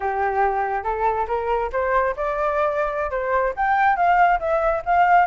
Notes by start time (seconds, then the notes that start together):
0.00 G4
0.83 A4
1.27 A#4
1.72 C5
2.16 D5
3.11 C5
3.56 G5
3.96 F5
4.39 E5
4.85 F5